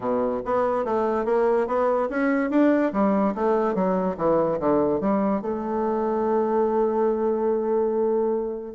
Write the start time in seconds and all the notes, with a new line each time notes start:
0.00 B2
0.45 B3
0.84 A3
1.25 A#3
1.67 B3
2.09 C#4
2.50 D4
2.92 G3
3.34 A3
3.74 F#3
4.17 E3
4.59 D3
5.00 G3
5.41 A3